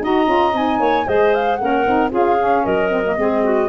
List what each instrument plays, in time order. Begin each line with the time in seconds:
0.00 tuba D#4, saxophone F#4, clarinet D#5, flute A#5
0.25 tuba C#4, saxophone F4
0.53 tuba C4, saxophone D#4, flute G#5
0.79 tuba A#3, clarinet C#5
1.06 tuba G#3, saxophone G#4, clarinet C5, flute D#5
1.34 flute F5
1.55 tuba A#3, saxophone C#4, flute F#5
1.62 clarinet A#4
1.86 tuba C4, saxophone D#4
2.10 tuba C#4, saxophone F4, clarinet G#4, flute F5
2.37 saxophone C#4
2.63 tuba F#3, clarinet A#4, flute D#5
2.90 saxophone C4
3.04 saxophone A#3
3.17 tuba G#3, saxophone C4, clarinet G#4
3.44 clarinet F#4